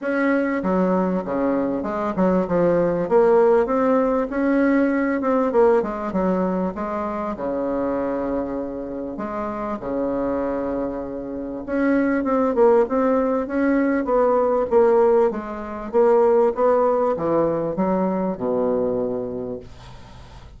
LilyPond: \new Staff \with { instrumentName = "bassoon" } { \time 4/4 \tempo 4 = 98 cis'4 fis4 cis4 gis8 fis8 | f4 ais4 c'4 cis'4~ | cis'8 c'8 ais8 gis8 fis4 gis4 | cis2. gis4 |
cis2. cis'4 | c'8 ais8 c'4 cis'4 b4 | ais4 gis4 ais4 b4 | e4 fis4 b,2 | }